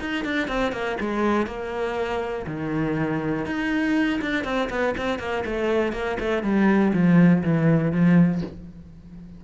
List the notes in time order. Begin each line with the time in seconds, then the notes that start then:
0.00 D#4
0.25 D4
0.48 C4
0.72 A#3
1.01 G#3
1.47 A#3
2.47 D#3
3.46 D#4
4.21 D4
4.45 C4
4.70 B3
4.98 C4
5.19 A#3
5.46 A3
5.93 A#3
6.20 A3
6.43 G3
6.94 F3
7.44 E3
7.92 F3